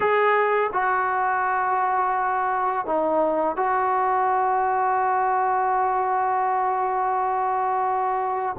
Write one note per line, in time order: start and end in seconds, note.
0.00 0.70 G#4
0.72 2.85 F#4
2.85 3.56 D#4
3.56 8.56 F#4